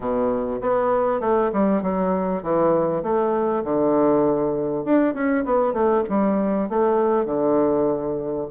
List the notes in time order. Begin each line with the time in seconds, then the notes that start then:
0.00 B2
0.61 B3
1.20 A3
1.52 G3
1.82 F#3
2.42 E3
3.02 A3
3.64 D3
4.85 D4
5.14 C#4
5.44 B3
5.73 A3
6.09 G3
6.69 A3
7.25 D3